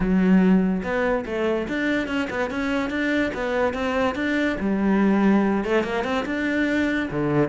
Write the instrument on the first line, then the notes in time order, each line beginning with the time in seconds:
cello
0.00 F#3
0.83 B3
1.25 A3
1.68 D4
2.07 C#4
2.30 B3
2.50 C#4
2.90 D4
3.33 B3
3.73 C4
4.15 D4
4.60 G3
5.64 A3
5.83 A#3
6.03 C4
6.25 D4
7.11 D3